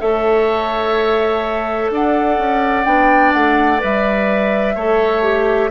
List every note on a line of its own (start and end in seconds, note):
0.00 1.90 A3
0.00 2.85 A4
0.00 1.91 C#5
0.00 1.90 E5
1.90 2.38 D4
1.90 4.75 D5
1.90 2.85 F#5
2.38 2.86 C#4
2.85 3.33 B3
2.85 3.79 D4
2.85 3.32 G5
3.33 3.82 A3
3.33 3.81 F#5
3.79 4.75 G3
3.79 4.74 B4
3.79 5.70 E5
4.75 5.70 A3
4.75 5.22 A4
4.75 5.70 C#5
5.22 5.70 G4